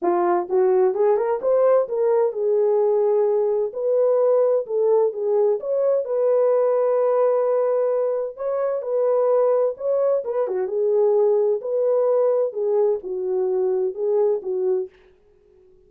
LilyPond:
\new Staff \with { instrumentName = "horn" } { \time 4/4 \tempo 4 = 129 f'4 fis'4 gis'8 ais'8 c''4 | ais'4 gis'2. | b'2 a'4 gis'4 | cis''4 b'2.~ |
b'2 cis''4 b'4~ | b'4 cis''4 b'8 fis'8 gis'4~ | gis'4 b'2 gis'4 | fis'2 gis'4 fis'4 | }